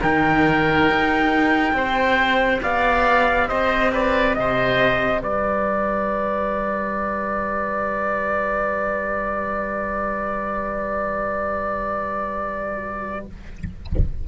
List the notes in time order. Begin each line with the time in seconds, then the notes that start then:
0.00 D#3 D#4 A#4 G5
0.86 D#4 G4
1.73 C4 C5
2.62 B3 D5 F5
3.48 C4 C5 D#5
3.92 B4 D5
4.35 C3 C5 D#5
5.22 G3 B4 D5